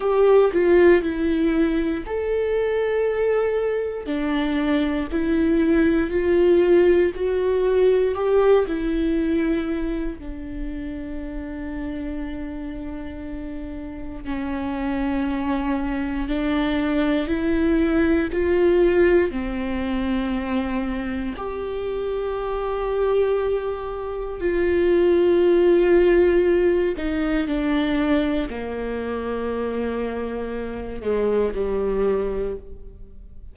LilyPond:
\new Staff \with { instrumentName = "viola" } { \time 4/4 \tempo 4 = 59 g'8 f'8 e'4 a'2 | d'4 e'4 f'4 fis'4 | g'8 e'4. d'2~ | d'2 cis'2 |
d'4 e'4 f'4 c'4~ | c'4 g'2. | f'2~ f'8 dis'8 d'4 | ais2~ ais8 gis8 g4 | }